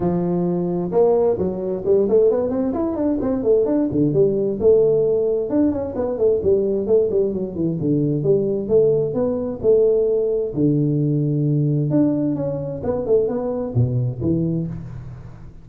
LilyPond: \new Staff \with { instrumentName = "tuba" } { \time 4/4 \tempo 4 = 131 f2 ais4 fis4 | g8 a8 b8 c'8 e'8 d'8 c'8 a8 | d'8 d8 g4 a2 | d'8 cis'8 b8 a8 g4 a8 g8 |
fis8 e8 d4 g4 a4 | b4 a2 d4~ | d2 d'4 cis'4 | b8 a8 b4 b,4 e4 | }